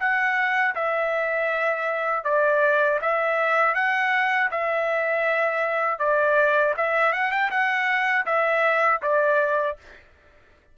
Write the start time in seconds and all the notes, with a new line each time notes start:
0.00 F#5
0.75 E5
2.25 D5
3.02 E5
3.75 F#5
4.51 E5
5.99 D5
6.77 E5
7.13 F#5
7.32 G5
7.51 F#5
8.26 E5
9.02 D5